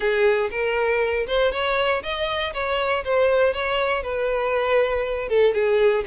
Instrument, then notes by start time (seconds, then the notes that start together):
violin
0.00 G#4
0.50 A#4
1.27 C5
1.51 C#5
2.02 D#5
2.53 C#5
3.04 C5
3.53 C#5
4.02 B4
5.28 A4
5.53 G#4